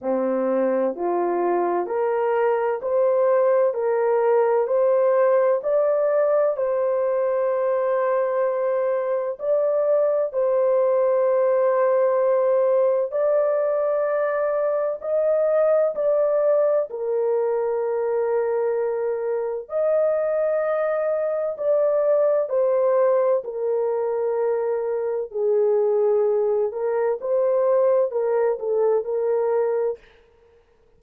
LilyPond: \new Staff \with { instrumentName = "horn" } { \time 4/4 \tempo 4 = 64 c'4 f'4 ais'4 c''4 | ais'4 c''4 d''4 c''4~ | c''2 d''4 c''4~ | c''2 d''2 |
dis''4 d''4 ais'2~ | ais'4 dis''2 d''4 | c''4 ais'2 gis'4~ | gis'8 ais'8 c''4 ais'8 a'8 ais'4 | }